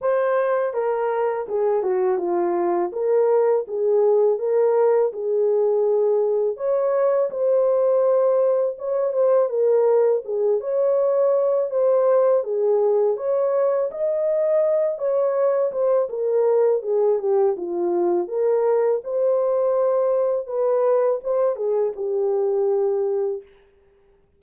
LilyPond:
\new Staff \with { instrumentName = "horn" } { \time 4/4 \tempo 4 = 82 c''4 ais'4 gis'8 fis'8 f'4 | ais'4 gis'4 ais'4 gis'4~ | gis'4 cis''4 c''2 | cis''8 c''8 ais'4 gis'8 cis''4. |
c''4 gis'4 cis''4 dis''4~ | dis''8 cis''4 c''8 ais'4 gis'8 g'8 | f'4 ais'4 c''2 | b'4 c''8 gis'8 g'2 | }